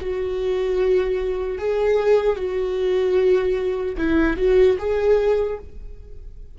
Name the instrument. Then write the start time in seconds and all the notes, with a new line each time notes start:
viola
0.00 F#4
1.58 G#4
2.36 F#4
3.97 E4
4.37 F#4
4.79 G#4